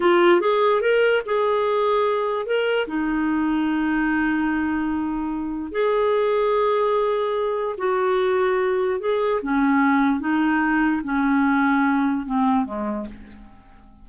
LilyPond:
\new Staff \with { instrumentName = "clarinet" } { \time 4/4 \tempo 4 = 147 f'4 gis'4 ais'4 gis'4~ | gis'2 ais'4 dis'4~ | dis'1~ | dis'2 gis'2~ |
gis'2. fis'4~ | fis'2 gis'4 cis'4~ | cis'4 dis'2 cis'4~ | cis'2 c'4 gis4 | }